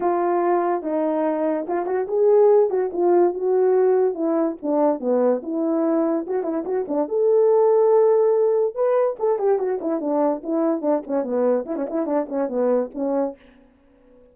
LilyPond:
\new Staff \with { instrumentName = "horn" } { \time 4/4 \tempo 4 = 144 f'2 dis'2 | f'8 fis'8 gis'4. fis'8 f'4 | fis'2 e'4 d'4 | b4 e'2 fis'8 e'8 |
fis'8 d'8 a'2.~ | a'4 b'4 a'8 g'8 fis'8 e'8 | d'4 e'4 d'8 cis'8 b4 | e'16 cis'16 e'8 d'8 cis'8 b4 cis'4 | }